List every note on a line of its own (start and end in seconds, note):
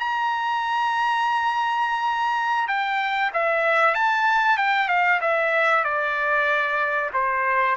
0.00 2.68 A#5
2.68 3.31 G5
3.34 3.95 E5
3.95 4.58 A5
4.58 4.88 G5
4.88 5.20 F5
5.21 5.84 E5
5.84 7.11 D5
7.13 7.77 C5